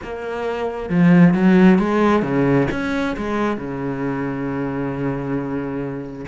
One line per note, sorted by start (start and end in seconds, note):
0.03 0.89 A#3
0.89 1.34 F3
1.34 1.78 F#3
1.78 2.22 G#3
2.22 2.67 C#3
2.71 3.15 C#4
3.16 3.57 G#3
3.57 6.25 C#3